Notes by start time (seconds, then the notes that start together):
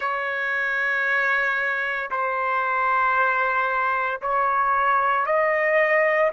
0.00 C#5
2.11 C5
4.21 C#5
5.25 D#5